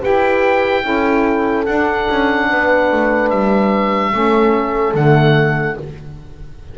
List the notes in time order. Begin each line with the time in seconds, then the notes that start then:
0.00 E4 G4 B4 G5
0.81 C#4 E4 A4
1.66 D4 F#5
2.09 C#4
2.49 B3 B4
2.91 A3
3.29 G3 E5
4.12 A3 C#4 A4
4.94 D3 A3 F#5